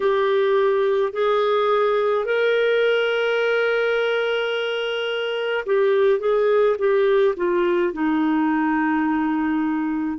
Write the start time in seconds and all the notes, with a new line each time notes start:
0.00 G4
1.12 G#4
2.25 A#4
5.66 G4
6.20 G#4
6.78 G4
7.36 F4
7.93 D#4